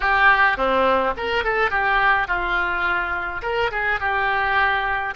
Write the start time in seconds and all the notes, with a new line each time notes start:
0.00 G4
0.57 C4
1.16 A#4
1.44 A4
1.70 G4
2.27 F4
3.42 A#4
3.71 G#4
4.00 G4